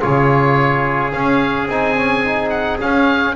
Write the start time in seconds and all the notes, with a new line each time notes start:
0.00 C#3 F4 G#4 C#5
1.12 C#4 F5
1.66 C4 D#4 G#5
1.96 C#4
2.25 D#4
2.49 F#5
2.80 C#4 F5